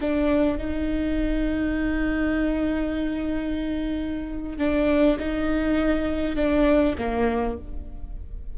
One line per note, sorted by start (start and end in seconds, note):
0.00 0.58 D4
0.58 4.58 D#4
4.58 5.17 D4
5.19 6.36 D#4
6.36 6.95 D4
6.98 7.57 A#3